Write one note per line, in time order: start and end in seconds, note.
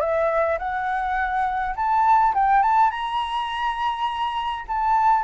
0.00 0.58 E5
0.58 1.75 F#5
1.76 2.34 A5
2.34 2.62 G5
2.62 2.90 A5
2.90 4.65 A#5
4.68 5.24 A5